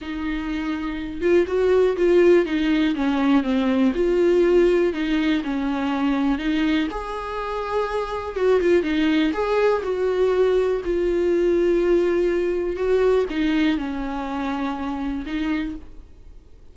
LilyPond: \new Staff \with { instrumentName = "viola" } { \time 4/4 \tempo 4 = 122 dis'2~ dis'8 f'8 fis'4 | f'4 dis'4 cis'4 c'4 | f'2 dis'4 cis'4~ | cis'4 dis'4 gis'2~ |
gis'4 fis'8 f'8 dis'4 gis'4 | fis'2 f'2~ | f'2 fis'4 dis'4 | cis'2. dis'4 | }